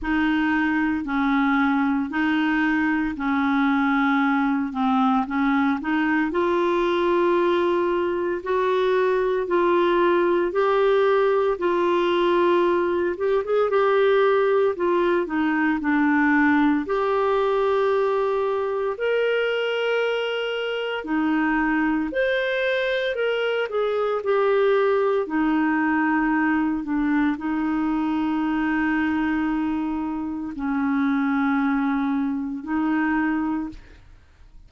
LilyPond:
\new Staff \with { instrumentName = "clarinet" } { \time 4/4 \tempo 4 = 57 dis'4 cis'4 dis'4 cis'4~ | cis'8 c'8 cis'8 dis'8 f'2 | fis'4 f'4 g'4 f'4~ | f'8 g'16 gis'16 g'4 f'8 dis'8 d'4 |
g'2 ais'2 | dis'4 c''4 ais'8 gis'8 g'4 | dis'4. d'8 dis'2~ | dis'4 cis'2 dis'4 | }